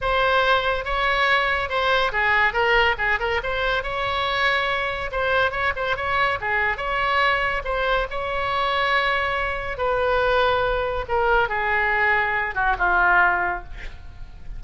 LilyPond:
\new Staff \with { instrumentName = "oboe" } { \time 4/4 \tempo 4 = 141 c''2 cis''2 | c''4 gis'4 ais'4 gis'8 ais'8 | c''4 cis''2. | c''4 cis''8 c''8 cis''4 gis'4 |
cis''2 c''4 cis''4~ | cis''2. b'4~ | b'2 ais'4 gis'4~ | gis'4. fis'8 f'2 | }